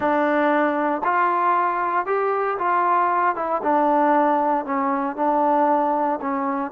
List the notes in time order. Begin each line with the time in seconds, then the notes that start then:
0.00 D4
1.03 F4
2.05 G4
2.58 F4
3.35 E4
3.62 D4
4.65 C#4
5.16 D4
6.21 C#4